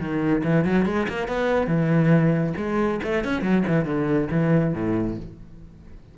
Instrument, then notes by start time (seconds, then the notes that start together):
cello
0.00 D#3
0.44 E3
0.65 F#3
0.86 G#3
1.09 A#3
1.29 B3
1.68 E3
2.57 G#3
3.04 A3
3.25 C#4
3.42 F#3
3.68 E3
3.86 D3
4.31 E3
4.74 A2